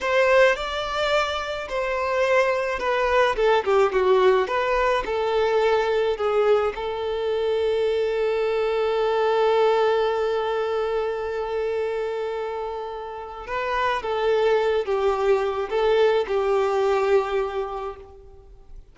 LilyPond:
\new Staff \with { instrumentName = "violin" } { \time 4/4 \tempo 4 = 107 c''4 d''2 c''4~ | c''4 b'4 a'8 g'8 fis'4 | b'4 a'2 gis'4 | a'1~ |
a'1~ | a'1 | b'4 a'4. g'4. | a'4 g'2. | }